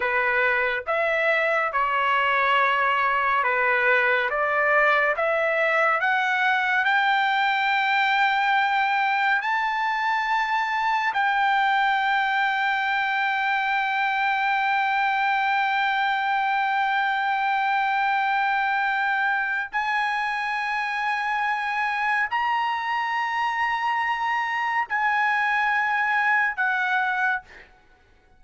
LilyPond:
\new Staff \with { instrumentName = "trumpet" } { \time 4/4 \tempo 4 = 70 b'4 e''4 cis''2 | b'4 d''4 e''4 fis''4 | g''2. a''4~ | a''4 g''2.~ |
g''1~ | g''2. gis''4~ | gis''2 ais''2~ | ais''4 gis''2 fis''4 | }